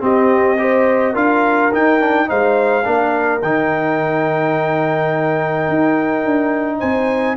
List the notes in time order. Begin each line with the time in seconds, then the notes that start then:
0.00 C4 G4 D#5
0.58 G4 C5
1.12 D4 F4 A#4 F5
1.72 D#4 G5
2.00 D4
2.27 G#3 D#4 C5 F5
2.84 A#3 D4 A#4
3.42 D#3 D#4 G5
5.68 D#4
6.25 D4
6.79 C4 C5 G#5